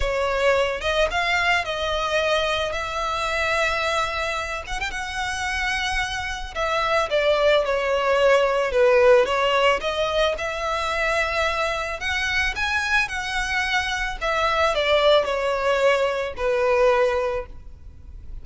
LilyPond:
\new Staff \with { instrumentName = "violin" } { \time 4/4 \tempo 4 = 110 cis''4. dis''8 f''4 dis''4~ | dis''4 e''2.~ | e''8 fis''16 g''16 fis''2. | e''4 d''4 cis''2 |
b'4 cis''4 dis''4 e''4~ | e''2 fis''4 gis''4 | fis''2 e''4 d''4 | cis''2 b'2 | }